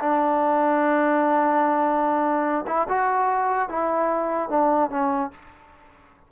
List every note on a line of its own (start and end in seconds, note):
0.00 2.65 D4
2.67 2.88 E4
2.89 3.69 F#4
3.69 4.50 E4
4.50 4.90 D4
4.90 5.31 C#4